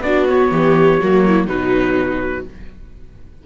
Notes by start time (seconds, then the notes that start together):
0.00 B3 D4 F#4 D5
0.29 B3 C#5
0.51 E3 G4
1.01 F#3 A#3 F#4
1.26 E4
1.47 B2 F#3 D#4 B4